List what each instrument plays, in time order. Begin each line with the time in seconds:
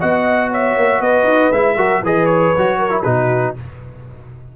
0.00 tuba B3, trombone F#4, horn D#5, trumpet F#5
0.51 horn C#5, trumpet E5
0.77 tuba A#3
1.01 tuba B3, horn B4, trumpet D#5
1.24 tuba D#4
1.53 tuba G#3, trombone E4, trumpet E5
1.77 tuba F#3, trombone F#4, horn A#4
2.03 tuba E3, trombone G#4, horn B4, trumpet D#5
2.26 trumpet C#5
2.57 tuba F#3, trombone F#4
2.79 horn A#4
2.90 trombone E4
3.03 tuba B2, trombone D#4, horn F#4, trumpet B4